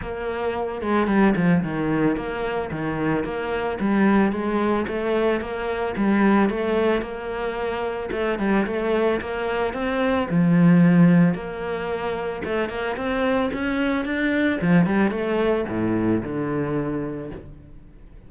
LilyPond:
\new Staff \with { instrumentName = "cello" } { \time 4/4 \tempo 4 = 111 ais4. gis8 g8 f8 dis4 | ais4 dis4 ais4 g4 | gis4 a4 ais4 g4 | a4 ais2 a8 g8 |
a4 ais4 c'4 f4~ | f4 ais2 a8 ais8 | c'4 cis'4 d'4 f8 g8 | a4 a,4 d2 | }